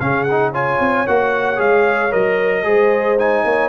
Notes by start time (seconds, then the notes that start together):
0.00 C#3 C#4 G#4 F5
0.23 F#5
0.31 D#4
0.52 F4 C#5 G#5
0.80 C4
1.07 A#3 F#4 F#5
1.57 G#3 G#4 F5
2.11 F#3 A#4 D#5
2.64 G#3 G#4 C5
3.19 D#4 G#5
3.45 A#3 C#5